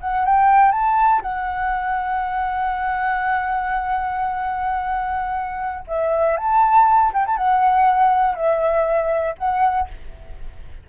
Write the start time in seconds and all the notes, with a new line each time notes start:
0.00 F#5
0.25 G5
0.71 A5
1.22 F#5
5.87 E5
6.37 A5
7.13 G5
7.26 A5
7.37 F#5
8.35 E5
9.38 F#5